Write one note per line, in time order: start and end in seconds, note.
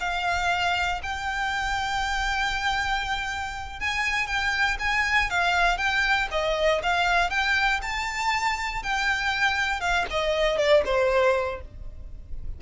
0.00 1.01 F5
1.02 3.80 G5
3.80 4.27 G#5
4.27 4.77 G5
4.79 5.30 G#5
5.30 5.78 F5
5.78 6.28 G5
6.31 6.81 D#5
6.83 7.30 F5
7.30 7.80 G5
7.82 8.83 A5
8.83 9.80 G5
9.80 10.05 F5
10.10 10.57 D#5
10.57 10.83 D5
10.85 11.61 C5